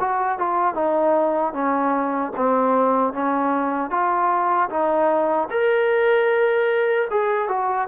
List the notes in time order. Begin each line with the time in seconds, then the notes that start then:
0.00 F#4
0.38 F4
0.75 D#4
1.53 C#4
2.36 C4
3.13 C#4
3.90 F4
4.70 D#4
5.50 A#4
7.11 G#4
7.49 F#4